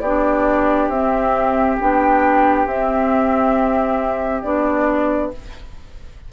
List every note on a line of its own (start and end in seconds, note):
0.00 0.88 B3
0.00 0.92 D4
0.00 5.31 G4
0.00 0.88 D5
0.88 1.76 C4
0.88 1.80 C4
0.88 1.77 E5
1.79 2.66 B3
1.79 2.68 D4
1.79 2.67 G5
2.66 4.42 C4
2.66 4.43 C4
2.66 4.42 E5
4.42 5.32 B3
4.42 5.31 D4
4.42 5.30 D5